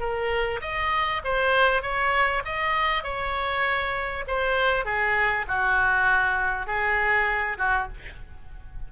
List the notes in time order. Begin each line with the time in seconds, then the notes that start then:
0.00 A#4
0.61 D#5
1.25 C5
1.82 C#5
2.45 D#5
3.04 C#5
4.28 C5
4.85 G#4
5.48 F#4
6.67 G#4
7.58 F#4